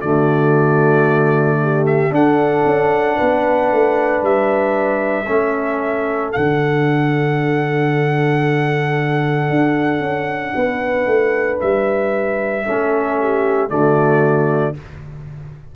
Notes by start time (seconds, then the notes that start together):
0.00 D3 A3 F#4 D5
1.62 G4
1.86 E5
2.10 D4 A4 F#5
2.66 C#4
3.16 B3 B4
3.72 A3
4.22 G3 E5
5.27 A3 C#4 A4
6.32 D3 D4 F#5
9.50 D4
10.01 C#4
10.55 B3 B4
11.06 A3
11.61 G3 E5
12.65 A3 C#4 A4
13.19 G4
13.69 D3 A3 F#4 D5